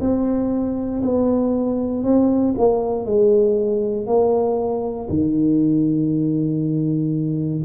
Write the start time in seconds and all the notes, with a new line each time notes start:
0.00 C4
1.03 B3
2.03 C4
2.57 A#3
3.05 G#3
4.06 A#3
5.09 D#3